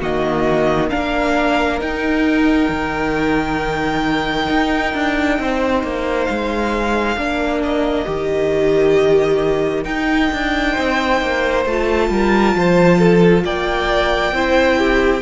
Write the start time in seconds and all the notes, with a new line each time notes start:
0.00 D#3 A#3 F#4 D#5
0.90 A#3 D4 A#4 F5
1.79 D#4 G5
2.69 D#3
4.50 D#4
4.94 D4
5.39 C4 C5
5.84 A#3
6.25 G#3 F5
7.17 A#3 D4 A#4
7.63 D#5
8.05 D#3 G4
9.84 D#4 G5
10.33 D4
10.72 C4 C5
11.21 A#3
11.66 A3 F4 A5
12.10 G3 A#4
12.56 F3 C5
12.99 A4
13.44 A#3 D5 G5
14.32 C4 E4 C5
14.78 G4